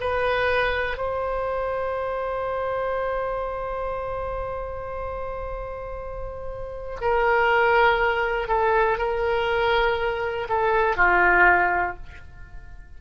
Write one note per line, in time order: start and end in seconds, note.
0.00 0.97 B4
0.97 6.97 C5
7.00 8.48 A#4
8.48 8.98 A4
8.98 10.48 A#4
10.48 10.96 A4
10.96 11.96 F4